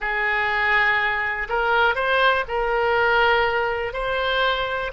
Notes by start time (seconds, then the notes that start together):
0.00 G#4
1.49 A#4
1.95 C5
2.48 A#4
3.93 C5